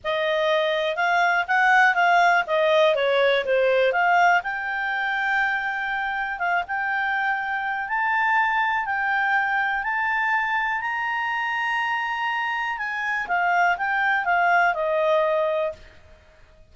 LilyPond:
\new Staff \with { instrumentName = "clarinet" } { \time 4/4 \tempo 4 = 122 dis''2 f''4 fis''4 | f''4 dis''4 cis''4 c''4 | f''4 g''2.~ | g''4 f''8 g''2~ g''8 |
a''2 g''2 | a''2 ais''2~ | ais''2 gis''4 f''4 | g''4 f''4 dis''2 | }